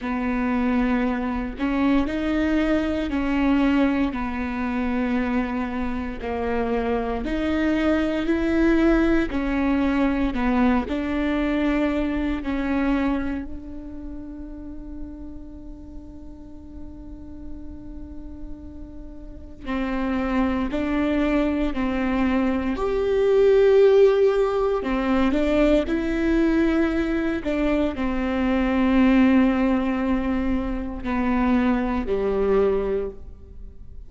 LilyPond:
\new Staff \with { instrumentName = "viola" } { \time 4/4 \tempo 4 = 58 b4. cis'8 dis'4 cis'4 | b2 ais4 dis'4 | e'4 cis'4 b8 d'4. | cis'4 d'2.~ |
d'2. c'4 | d'4 c'4 g'2 | c'8 d'8 e'4. d'8 c'4~ | c'2 b4 g4 | }